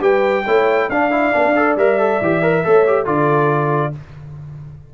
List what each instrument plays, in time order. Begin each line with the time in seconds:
0.00 tuba G3, trombone G4, horn B4, trumpet G5
0.45 tuba A3, trombone E4, horn C#5
0.89 tuba D4, trombone D4, horn D5, trumpet F5
1.11 trombone E4
1.32 tuba A#3, trombone D4
1.45 tuba D4
1.56 trombone A4
1.76 tuba G3, trombone A#4, trumpet E5
1.98 trombone A4
2.21 tuba E3, trombone G4
2.42 trombone A#4
2.64 tuba A3, trombone A4, horn C#5
2.87 trombone G4
3.05 tuba D3, trombone F4, horn A4, trumpet D5